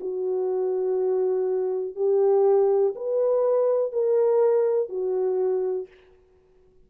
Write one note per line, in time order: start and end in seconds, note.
0.00 1.95 F#4
1.95 2.94 G4
2.96 3.92 B4
3.92 4.89 A#4
4.89 5.87 F#4